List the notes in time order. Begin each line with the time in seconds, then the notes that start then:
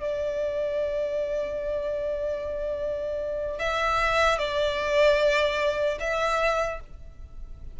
0.00 D5
3.59 E5
4.39 D5
6.00 E5